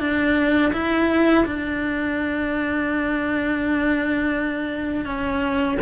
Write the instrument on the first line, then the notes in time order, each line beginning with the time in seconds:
cello
0.00 D4
0.73 E4
1.46 D4
5.06 C#4